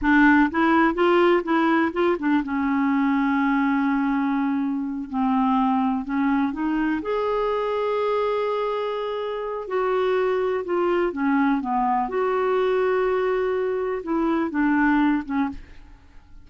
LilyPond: \new Staff \with { instrumentName = "clarinet" } { \time 4/4 \tempo 4 = 124 d'4 e'4 f'4 e'4 | f'8 d'8 cis'2.~ | cis'2~ cis'8 c'4.~ | c'8 cis'4 dis'4 gis'4.~ |
gis'1 | fis'2 f'4 cis'4 | b4 fis'2.~ | fis'4 e'4 d'4. cis'8 | }